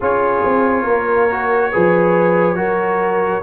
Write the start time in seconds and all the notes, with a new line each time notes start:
0.00 C#4 F4 G#4 C#5
0.44 C4
0.83 A#3 A#4
1.30 F#4
1.71 F3 G#4 B4
2.55 F#3 F#4 A#4